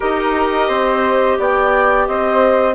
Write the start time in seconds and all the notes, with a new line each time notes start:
0.00 D#4 G4 A#4 D#5
0.68 C4 C5
1.39 B3 D5 G5
2.07 C4 C5 D#5